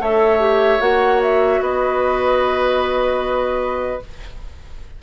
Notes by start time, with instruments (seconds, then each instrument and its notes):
0.00 bassoon A3, clarinet A4, oboe C#5, flute E5
0.40 clarinet G4
0.80 bassoon A#3, clarinet F#4, flute F#5
1.23 flute E5
1.61 bassoon B3, oboe B4, flute D#5